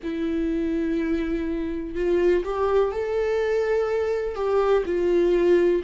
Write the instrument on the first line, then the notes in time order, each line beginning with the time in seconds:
viola
0.03 E4
1.95 F4
2.44 G4
2.91 A4
4.35 G4
4.85 F4